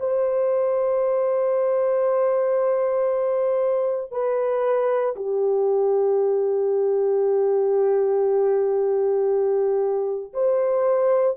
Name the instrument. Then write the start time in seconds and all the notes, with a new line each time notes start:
horn
0.00 C5
4.12 B4
5.16 G4
10.34 C5